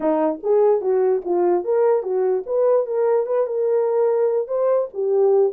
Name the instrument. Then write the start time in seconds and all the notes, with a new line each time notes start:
horn
0.00 D#4
0.43 G#4
0.81 F#4
1.24 F4
1.64 A#4
2.03 F#4
2.46 B4
2.86 A#4
3.26 B4
3.46 A#4
4.47 C5
4.93 G4